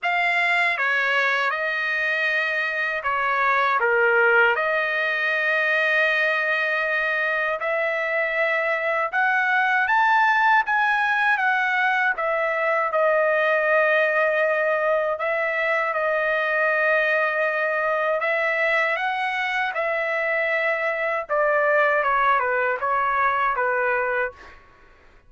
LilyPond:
\new Staff \with { instrumentName = "trumpet" } { \time 4/4 \tempo 4 = 79 f''4 cis''4 dis''2 | cis''4 ais'4 dis''2~ | dis''2 e''2 | fis''4 a''4 gis''4 fis''4 |
e''4 dis''2. | e''4 dis''2. | e''4 fis''4 e''2 | d''4 cis''8 b'8 cis''4 b'4 | }